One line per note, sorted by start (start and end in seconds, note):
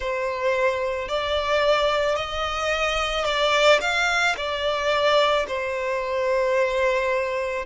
0.00 1.08 C5
1.08 2.15 D5
2.15 3.24 D#5
3.24 3.79 D5
3.80 4.35 F5
4.36 5.45 D5
5.47 7.65 C5